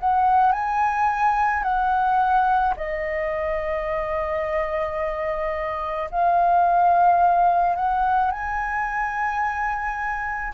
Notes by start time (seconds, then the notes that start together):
0.00 F#5
0.52 G#5
1.63 F#5
2.77 D#5
6.11 F5
7.76 F#5
8.31 G#5